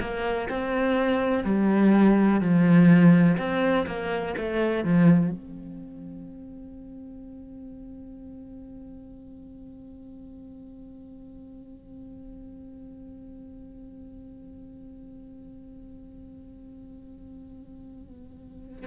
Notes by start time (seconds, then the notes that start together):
0.00 A#3
0.49 C4
1.44 G3
2.41 F3
3.38 C4
3.87 A#3
4.38 A3
4.84 F3
5.31 C4